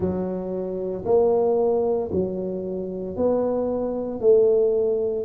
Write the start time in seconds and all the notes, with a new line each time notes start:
0.00 F#3
1.05 A#3
2.11 F#3
3.16 B3
4.20 A3